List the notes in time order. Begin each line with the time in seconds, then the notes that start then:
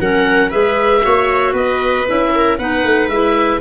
0.00 F#3 C#4 A#4 F#5
0.50 G#3 G#4 B4 E5
1.02 A#3 F#4 C#5
1.53 B3 B4 D#5
2.08 C#4 E4 E5
2.35 A#4
2.59 B3 D#4 B4 F#5
2.84 A3
3.08 G#3 E4 E5